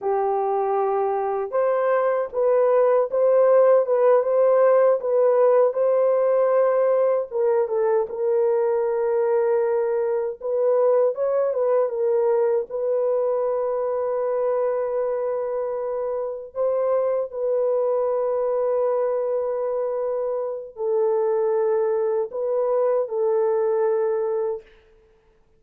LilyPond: \new Staff \with { instrumentName = "horn" } { \time 4/4 \tempo 4 = 78 g'2 c''4 b'4 | c''4 b'8 c''4 b'4 c''8~ | c''4. ais'8 a'8 ais'4.~ | ais'4. b'4 cis''8 b'8 ais'8~ |
ais'8 b'2.~ b'8~ | b'4. c''4 b'4.~ | b'2. a'4~ | a'4 b'4 a'2 | }